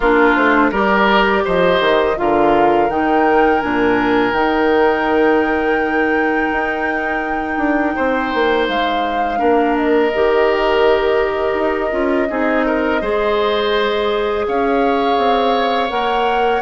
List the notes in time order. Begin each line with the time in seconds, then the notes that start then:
0.00 A#3 D4 F4 A#4
0.35 A3 C5
0.71 G3 G4 A#4 D5
1.44 F3 C5 D#5
1.80 D#3
2.17 D3 F4 A#4 F5
2.89 D#3 D#4 G5
3.61 A#2 D4 G#5
4.32 D#3 D#4 G5
6.52 D#4
7.57 D4
7.95 C4 C5
8.34 A#3
8.68 G#3 F5
9.38 A#3 D4 A#4
9.76 D#5
10.14 D#3 G4
11.53 D#4
11.91 C#4 F4
12.28 C4 D#4 G#4
12.66 A#4
13.01 G#3 G#4 C5
14.47 C#4 C#5 F5
15.17 C4
15.89 A#3 A#4 F#5